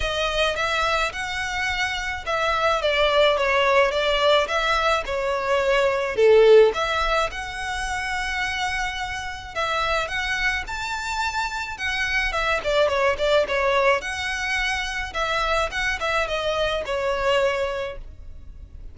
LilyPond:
\new Staff \with { instrumentName = "violin" } { \time 4/4 \tempo 4 = 107 dis''4 e''4 fis''2 | e''4 d''4 cis''4 d''4 | e''4 cis''2 a'4 | e''4 fis''2.~ |
fis''4 e''4 fis''4 a''4~ | a''4 fis''4 e''8 d''8 cis''8 d''8 | cis''4 fis''2 e''4 | fis''8 e''8 dis''4 cis''2 | }